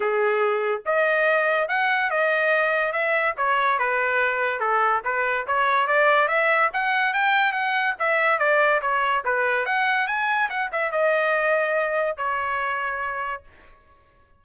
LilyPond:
\new Staff \with { instrumentName = "trumpet" } { \time 4/4 \tempo 4 = 143 gis'2 dis''2 | fis''4 dis''2 e''4 | cis''4 b'2 a'4 | b'4 cis''4 d''4 e''4 |
fis''4 g''4 fis''4 e''4 | d''4 cis''4 b'4 fis''4 | gis''4 fis''8 e''8 dis''2~ | dis''4 cis''2. | }